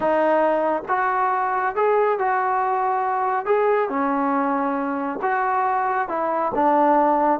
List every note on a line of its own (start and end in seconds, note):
0.00 0.82 D#4
0.88 1.75 F#4
1.75 2.18 G#4
2.18 3.45 F#4
3.45 3.89 G#4
3.89 5.19 C#4
5.22 6.08 F#4
6.08 6.51 E4
6.55 7.40 D4